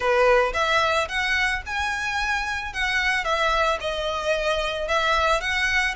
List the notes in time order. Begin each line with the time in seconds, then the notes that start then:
0.00 B4
0.53 E5
1.08 F#5
1.65 G#5
2.73 F#5
3.24 E5
3.80 D#5
4.88 E5
5.40 F#5